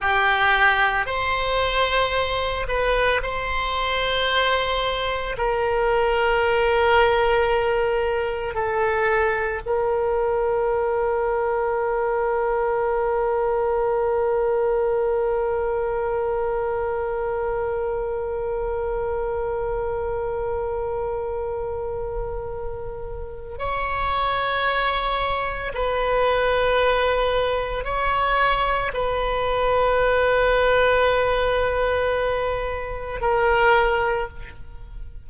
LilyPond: \new Staff \with { instrumentName = "oboe" } { \time 4/4 \tempo 4 = 56 g'4 c''4. b'8 c''4~ | c''4 ais'2. | a'4 ais'2.~ | ais'1~ |
ais'1~ | ais'2 cis''2 | b'2 cis''4 b'4~ | b'2. ais'4 | }